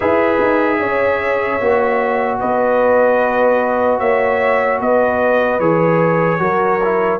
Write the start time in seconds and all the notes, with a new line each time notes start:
0.00 E4 G#4 B4 E5
0.40 D#4
0.79 C#4 C#5
1.60 A#3 F#4
2.39 B3 B4 D#5
3.99 A#3 C#5 E5
4.80 B3 B4 D#5
5.59 E3 G#4 C#5
6.39 F#3 F#4 A#4
6.84 E4